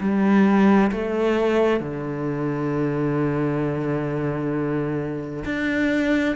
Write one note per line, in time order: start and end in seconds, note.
0.00 0.91 G3
0.91 1.80 A3
1.80 5.44 D3
5.45 6.36 D4